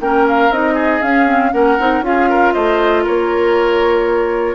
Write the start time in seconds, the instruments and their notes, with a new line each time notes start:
0.00 bassoon A#3, clarinet C#4, oboe A#4, flute G5
0.28 flute F5
0.50 bassoon C4, clarinet D#4, flute D#5
0.74 oboe G#4
1.02 clarinet C#4, bassoon C#4, flute F5
1.26 clarinet C4
1.52 bassoon A#3, clarinet C#4, oboe A#4, flute F#5
1.79 bassoon C4, clarinet D#4
2.01 bassoon C#4, clarinet F4, flute F5
2.07 oboe G#4
2.29 oboe A#4
2.53 bassoon A3, oboe C5, flute D#5
3.03 bassoon A#3, oboe A#4, flute C#5